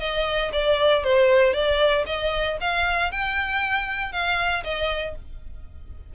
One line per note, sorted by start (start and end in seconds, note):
0.00 0.51 D#5
0.53 1.04 D5
1.04 1.53 C5
1.53 2.05 D5
2.06 2.58 D#5
2.61 3.12 F5
3.12 4.12 G5
4.12 4.63 F5
4.64 5.15 D#5